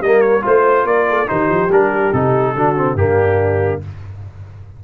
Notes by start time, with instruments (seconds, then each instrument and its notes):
0.00 tuba G3, trombone A#3, horn A#4, trumpet D#5
0.21 trumpet C#5
0.41 tuba A3, trombone F4, horn C5, trumpet C5
0.84 tuba A#3, horn A#4, trumpet D5
1.09 horn A4
1.27 tuba D#3, trombone D#4, horn G4, trumpet C5
1.49 tuba F3
1.68 tuba G3, trombone D4, trumpet A#4
2.12 tuba C3, trombone D#4, trumpet A4
2.54 tuba D3, trombone D4, horn F#4
2.76 trombone C4
2.94 tuba G2, trombone A#3, horn D4, trumpet G4